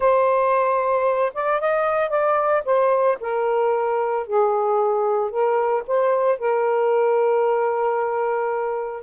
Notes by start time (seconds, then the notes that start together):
0.00 C5
1.33 D5
1.60 D#5
2.09 D5
2.65 C5
3.20 A#4
4.26 G#4
5.30 A#4
5.87 C5
6.39 A#4